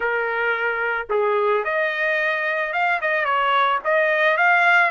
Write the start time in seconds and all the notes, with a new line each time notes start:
0.00 A#4
1.09 G#4
1.64 D#5
2.72 F5
3.01 D#5
3.25 C#5
3.84 D#5
4.37 F5